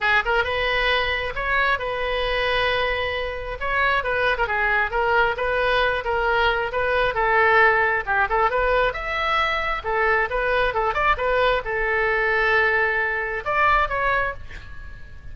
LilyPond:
\new Staff \with { instrumentName = "oboe" } { \time 4/4 \tempo 4 = 134 gis'8 ais'8 b'2 cis''4 | b'1 | cis''4 b'8. ais'16 gis'4 ais'4 | b'4. ais'4. b'4 |
a'2 g'8 a'8 b'4 | e''2 a'4 b'4 | a'8 d''8 b'4 a'2~ | a'2 d''4 cis''4 | }